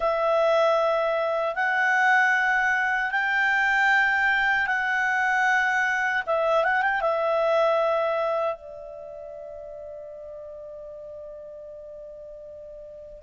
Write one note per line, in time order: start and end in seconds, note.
0.00 1.55 E5
1.55 3.11 F#5
3.11 4.66 G5
4.66 6.22 F#5
6.26 6.64 E5
6.64 6.81 F#5
6.81 7.01 G5
7.01 8.55 E5
8.55 13.22 D5